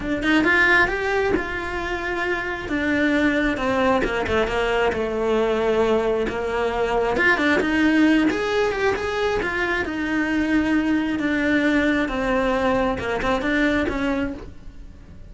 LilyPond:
\new Staff \with { instrumentName = "cello" } { \time 4/4 \tempo 4 = 134 d'8 dis'8 f'4 g'4 f'4~ | f'2 d'2 | c'4 ais8 a8 ais4 a4~ | a2 ais2 |
f'8 d'8 dis'4. gis'4 g'8 | gis'4 f'4 dis'2~ | dis'4 d'2 c'4~ | c'4 ais8 c'8 d'4 cis'4 | }